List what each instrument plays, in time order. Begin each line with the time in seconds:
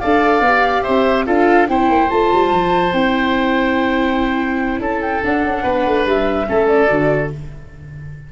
0.00 tuba D4, viola A4, oboe D5, flute F5
0.41 tuba B3
0.47 viola G4
0.84 tuba C4, oboe C5, flute E5
1.27 tuba D4, viola F4, oboe A4, flute F5
1.69 tuba C4, viola E4, oboe C5, flute G5
1.90 tuba A#3
2.10 tuba A3, viola F4, flute A5
2.33 tuba G3
2.52 tuba F3
2.93 tuba C4, viola E4, flute G5
4.79 tuba C#4, oboe A4, flute A5
5.02 flute G5
5.24 viola D4, tuba D4, flute F#5
5.44 tuba C#4
5.63 tuba B3, oboe B4
5.86 tuba A3
6.06 tuba G3, flute E5
6.47 tuba A3, viola C#4, oboe A4
6.68 flute D5
6.88 tuba D3, viola F#4